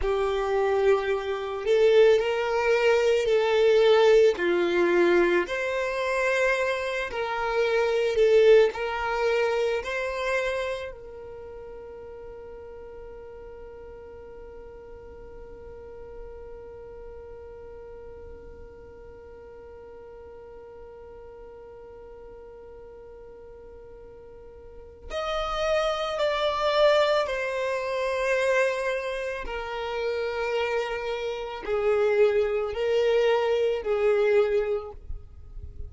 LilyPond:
\new Staff \with { instrumentName = "violin" } { \time 4/4 \tempo 4 = 55 g'4. a'8 ais'4 a'4 | f'4 c''4. ais'4 a'8 | ais'4 c''4 ais'2~ | ais'1~ |
ais'1~ | ais'2. dis''4 | d''4 c''2 ais'4~ | ais'4 gis'4 ais'4 gis'4 | }